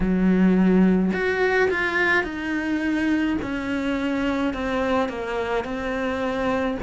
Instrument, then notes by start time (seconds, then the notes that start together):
cello
0.00 F#3
1.13 F#4
1.70 F4
2.23 D#4
3.42 C#4
4.53 C4
5.08 A#3
5.64 C4